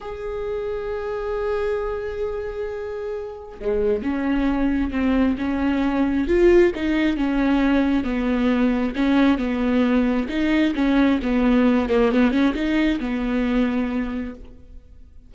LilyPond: \new Staff \with { instrumentName = "viola" } { \time 4/4 \tempo 4 = 134 gis'1~ | gis'1 | gis4 cis'2 c'4 | cis'2 f'4 dis'4 |
cis'2 b2 | cis'4 b2 dis'4 | cis'4 b4. ais8 b8 cis'8 | dis'4 b2. | }